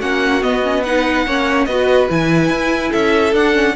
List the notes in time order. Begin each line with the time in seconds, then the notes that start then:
0.00 A#3 C#4 F#4 F#5
0.42 B3 D#5
0.63 C#4
0.84 D#4 B4 F#5
1.26 A#3 C#4 C#5
1.65 B3 F#4 B4 D#5
2.09 E3 E4 G#5
2.50 E4
2.90 C#4 A4 E5
3.33 D4 F#5
3.54 C#4